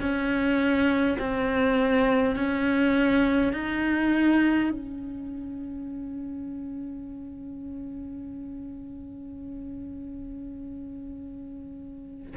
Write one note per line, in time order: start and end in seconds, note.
0.00 1.18 C#4
1.19 2.36 C4
2.36 3.53 C#4
3.53 4.71 D#4
4.71 12.35 C#4